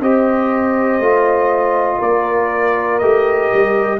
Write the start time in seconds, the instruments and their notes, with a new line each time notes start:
0.00 tuba C4, trombone G4, horn C5, trumpet D#5
0.99 tuba A3, trombone F4
1.98 tuba A#3, horn A#4, trumpet D5
2.99 tuba A3, trombone G4, trumpet D#5
3.54 tuba G3